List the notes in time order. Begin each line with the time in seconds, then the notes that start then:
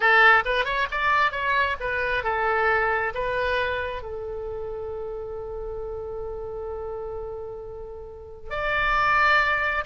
0.00 A4
0.45 B4
0.65 C#5
0.91 D5
1.31 C#5
1.80 B4
2.23 A4
3.14 B4
4.02 A4
8.50 D5